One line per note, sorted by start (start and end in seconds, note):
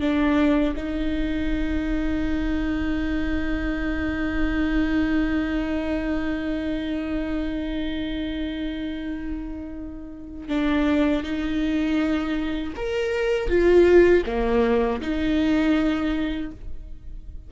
0.00 0.75 D4
0.76 10.48 D#4
10.48 11.23 D4
11.23 12.73 D#4
12.76 13.49 A#4
13.49 14.24 F4
14.26 15.01 A#3
15.01 16.51 D#4